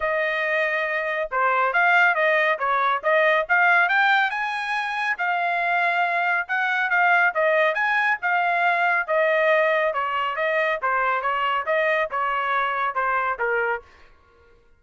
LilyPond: \new Staff \with { instrumentName = "trumpet" } { \time 4/4 \tempo 4 = 139 dis''2. c''4 | f''4 dis''4 cis''4 dis''4 | f''4 g''4 gis''2 | f''2. fis''4 |
f''4 dis''4 gis''4 f''4~ | f''4 dis''2 cis''4 | dis''4 c''4 cis''4 dis''4 | cis''2 c''4 ais'4 | }